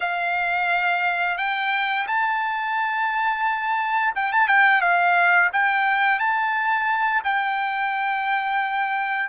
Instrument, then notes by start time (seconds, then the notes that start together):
trumpet
0.00 F5
1.37 G5
2.07 A5
4.15 G5
4.32 A5
4.47 G5
4.81 F5
5.52 G5
6.19 A5
7.24 G5